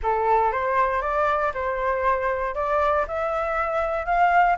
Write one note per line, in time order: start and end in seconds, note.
0.03 0.52 A4
0.52 1.01 C5
1.01 1.52 D5
1.54 2.54 C5
2.54 3.05 D5
3.07 4.05 E5
4.05 4.56 F5